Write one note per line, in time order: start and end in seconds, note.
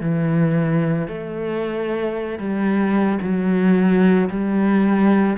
0.00 1.07 E3
1.07 2.38 A3
2.38 3.19 G3
3.21 4.29 F#3
4.30 5.37 G3